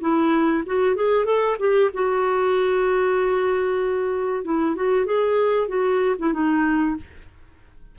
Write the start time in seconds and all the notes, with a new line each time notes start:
0.00 E4
0.65 F#4
0.95 G#4
1.25 A4
1.58 G4
1.93 F#4
4.44 E4
4.75 F#4
5.05 G#4
5.68 F#4
6.18 E4
6.33 D#4